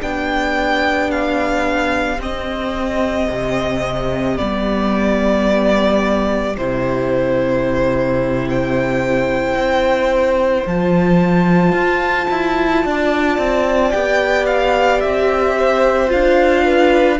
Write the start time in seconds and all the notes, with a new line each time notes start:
0.00 B3 D4 G4 G5
1.10 F5
2.18 C4 D#5
3.30 C3
4.35 G3 B3 D5
6.57 C3 E4 C5
8.48 C5 G5
9.54 C4
10.66 F3 F4 A5
11.72 F4
12.30 E4
12.84 D4 D5
13.38 C4
13.90 B3 G4 G5
14.46 F5
15.00 C4 E5
15.57 C5
16.07 D4 F4 F5
16.64 B4